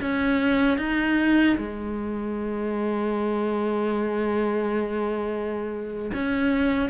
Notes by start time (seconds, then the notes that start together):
0.00 C#4
0.78 D#4
1.57 G#3
6.13 C#4